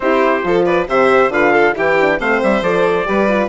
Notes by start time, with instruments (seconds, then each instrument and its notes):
0.00 bassoon C4, horn E4, violin G4, trumpet C5
0.42 bassoon F3, horn F4, violin A4
0.65 violin B4, trumpet D5
0.87 bassoon C3, horn G4, violin C5, trumpet E5
1.28 bassoon D3, horn F4, violin B4, trumpet F5
1.52 violin A4
1.73 bassoon E3, horn E4, violin G4, trumpet G5
2.00 horn D4
2.18 bassoon A3, horn C4, violin C5, trumpet F5
2.43 bassoon G3, trumpet E5
2.61 bassoon F3, horn A4, trumpet D5
3.05 bassoon G3, horn G4, violin B4
3.28 horn F4